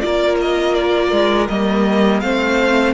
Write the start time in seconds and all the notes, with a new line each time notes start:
0.00 A#3 F4 A#4 D5
0.42 D#5
0.75 D5
1.12 G#3
1.48 G3 A#3 D#5
2.21 A3 C4 C5 F5